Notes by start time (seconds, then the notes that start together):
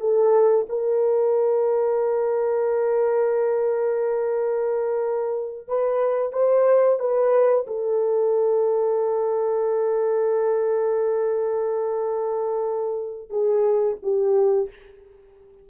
0.00 A4
0.69 A#4
5.68 B4
6.33 C5
6.99 B4
7.67 A4
13.30 G#4
14.03 G4